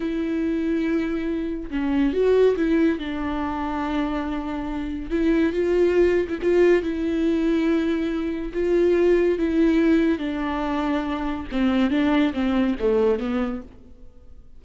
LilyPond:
\new Staff \with { instrumentName = "viola" } { \time 4/4 \tempo 4 = 141 e'1 | cis'4 fis'4 e'4 d'4~ | d'1 | e'4 f'4.~ f'16 e'16 f'4 |
e'1 | f'2 e'2 | d'2. c'4 | d'4 c'4 a4 b4 | }